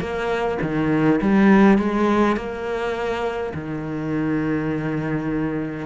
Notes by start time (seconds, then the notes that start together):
0.00 A#3
0.62 D#3
1.21 G3
1.78 G#3
2.36 A#3
3.55 D#3